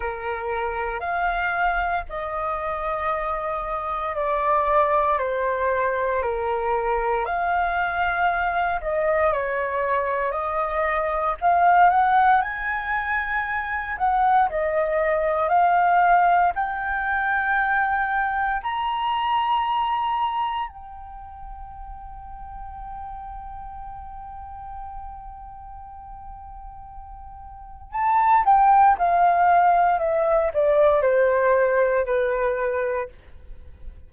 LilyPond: \new Staff \with { instrumentName = "flute" } { \time 4/4 \tempo 4 = 58 ais'4 f''4 dis''2 | d''4 c''4 ais'4 f''4~ | f''8 dis''8 cis''4 dis''4 f''8 fis''8 | gis''4. fis''8 dis''4 f''4 |
g''2 ais''2 | g''1~ | g''2. a''8 g''8 | f''4 e''8 d''8 c''4 b'4 | }